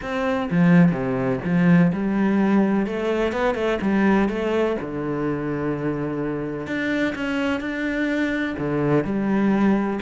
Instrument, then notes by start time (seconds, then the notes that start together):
cello
0.02 C4
0.50 F3
0.91 C3
1.44 F3
1.92 G3
2.86 A3
3.32 B3
3.54 A3
3.81 G3
4.28 A3
4.81 D3
6.67 D4
7.15 C#4
7.60 D4
8.58 D3
9.04 G3